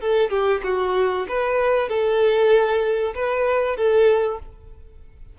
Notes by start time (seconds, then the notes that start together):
0.00 A4
0.30 G4
0.63 F#4
1.28 B4
1.88 A4
3.14 B4
3.76 A4